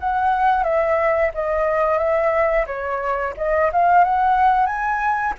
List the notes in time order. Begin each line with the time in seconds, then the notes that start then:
0.00 F#5
0.64 E5
1.35 D#5
1.99 E5
2.67 C#5
3.37 D#5
3.73 F5
4.05 F#5
4.67 G#5